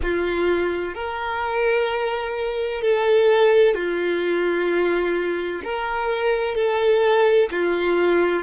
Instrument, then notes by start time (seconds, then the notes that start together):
violin
0.02 F4
0.94 A#4
2.81 A4
3.74 F4
5.64 A#4
6.55 A4
7.51 F4